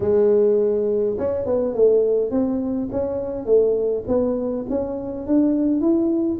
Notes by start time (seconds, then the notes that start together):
0.00 G#3
1.18 C#4
1.45 B3
1.74 A3
2.30 C4
2.91 C#4
3.45 A3
4.07 B3
4.69 C#4
5.26 D4
5.80 E4